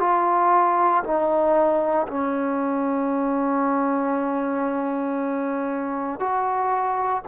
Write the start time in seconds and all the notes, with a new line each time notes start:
0.00 F4
1.04 D#4
2.08 C#4
6.20 F#4